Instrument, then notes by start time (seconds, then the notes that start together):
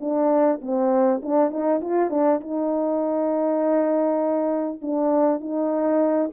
horn
0.00 D4
0.61 C4
1.22 D4
1.51 D#4
1.81 F4
2.10 D4
2.40 D#4
4.82 D4
5.41 D#4